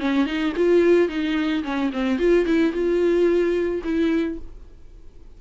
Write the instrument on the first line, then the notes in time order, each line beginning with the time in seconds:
viola
0.00 C#4
0.26 D#4
0.57 F4
1.09 D#4
1.64 C#4
1.93 C4
2.19 F4
2.46 E4
2.73 F4
3.84 E4